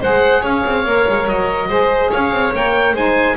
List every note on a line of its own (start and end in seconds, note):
0.00 0.43 G#3
0.00 0.84 G#4
0.00 0.41 C5
0.00 0.45 F#5
0.41 0.64 C#4
0.41 1.67 C#5
0.41 1.28 F5
0.65 0.85 C4
0.85 1.06 A#3
0.85 1.69 A#4
1.08 1.26 G#3
1.26 1.68 F#3
1.26 2.11 D#5
1.68 2.10 G#3
1.68 2.53 G#4
1.68 2.10 C5
2.11 2.31 C#4
2.11 2.94 C#5
2.11 2.53 F5
2.31 2.52 C4
2.54 2.93 A#3
2.54 2.95 A#4
2.54 2.96 G5
2.93 3.35 G#3
2.93 3.37 D#4
2.93 3.36 C5
2.93 3.37 G#5